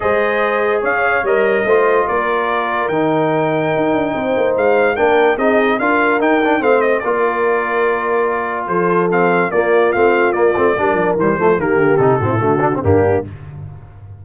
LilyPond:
<<
  \new Staff \with { instrumentName = "trumpet" } { \time 4/4 \tempo 4 = 145 dis''2 f''4 dis''4~ | dis''4 d''2 g''4~ | g''2. f''4 | g''4 dis''4 f''4 g''4 |
f''8 dis''8 d''2.~ | d''4 c''4 f''4 d''4 | f''4 d''2 c''4 | ais'4 a'2 g'4 | }
  \new Staff \with { instrumentName = "horn" } { \time 4/4 c''2 cis''2 | c''4 ais'2.~ | ais'2 c''2 | ais'4 gis'4 ais'2 |
c''4 ais'2.~ | ais'4 a'2 f'4~ | f'2 ais'4. a'8 | g'4. fis'16 e'16 fis'4 d'4 | }
  \new Staff \with { instrumentName = "trombone" } { \time 4/4 gis'2. ais'4 | f'2. dis'4~ | dis'1 | d'4 dis'4 f'4 dis'8 d'8 |
c'4 f'2.~ | f'2 c'4 ais4 | c'4 ais8 c'8 d'4 g8 a8 | ais4 dis'8 c'8 a8 d'16 c'16 ais4 | }
  \new Staff \with { instrumentName = "tuba" } { \time 4/4 gis2 cis'4 g4 | a4 ais2 dis4~ | dis4 dis'8 d'8 c'8 ais8 gis4 | ais4 c'4 d'4 dis'4 |
a4 ais2.~ | ais4 f2 ais4 | a4 ais8 a8 g8 f8 e8 f8 | dis8 d8 c8 a,8 d4 g,4 | }
>>